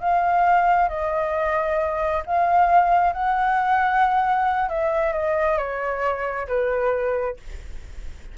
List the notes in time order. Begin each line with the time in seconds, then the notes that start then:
0.00 F5
0.89 D#5
2.26 F5
3.13 F#5
4.69 E5
5.13 D#5
5.58 C#5
6.47 B4